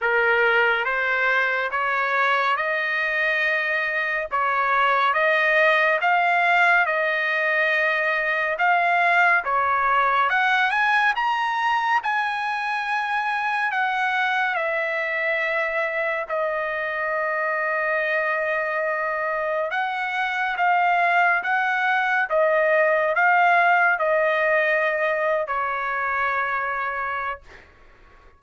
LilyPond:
\new Staff \with { instrumentName = "trumpet" } { \time 4/4 \tempo 4 = 70 ais'4 c''4 cis''4 dis''4~ | dis''4 cis''4 dis''4 f''4 | dis''2 f''4 cis''4 | fis''8 gis''8 ais''4 gis''2 |
fis''4 e''2 dis''4~ | dis''2. fis''4 | f''4 fis''4 dis''4 f''4 | dis''4.~ dis''16 cis''2~ cis''16 | }